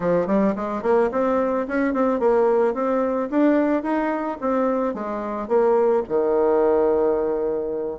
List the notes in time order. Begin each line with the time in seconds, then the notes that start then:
0.00 F3
0.27 G3
0.55 G#3
0.82 A#3
1.11 C4
1.67 C#4
1.93 C4
2.19 A#3
2.74 C4
3.30 D4
3.82 D#4
4.41 C4
4.94 G#3
5.47 A#3
6.08 D#3